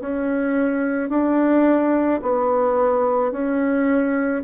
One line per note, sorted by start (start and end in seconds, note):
0.00 1.09 C#4
1.09 2.20 D4
2.22 3.31 B3
3.31 4.42 C#4